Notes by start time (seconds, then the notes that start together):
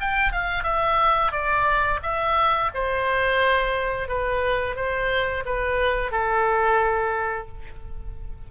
0.00 G5
0.32 F5
0.64 E5
1.31 D5
2.03 E5
2.74 C5
4.08 B4
4.76 C5
5.45 B4
6.11 A4